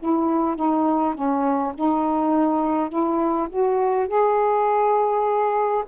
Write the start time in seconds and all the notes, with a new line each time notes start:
0.00 E4
0.56 D#4
1.15 C#4
1.75 D#4
2.90 E4
3.50 F#4
4.08 G#4